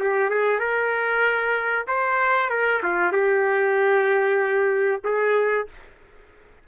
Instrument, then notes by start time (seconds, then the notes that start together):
trumpet
0.00 G4
0.30 G#4
0.60 A#4
1.88 C5
2.50 A#4
2.83 F4
3.13 G4
5.04 G#4